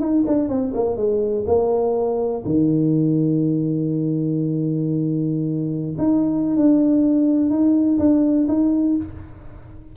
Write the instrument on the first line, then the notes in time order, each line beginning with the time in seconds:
tuba
0.00 D#4
0.27 D4
0.49 C4
0.74 A#3
0.96 G#3
1.47 A#3
2.45 D#3
5.98 D#4
6.57 D4
7.50 D#4
7.99 D4
8.48 D#4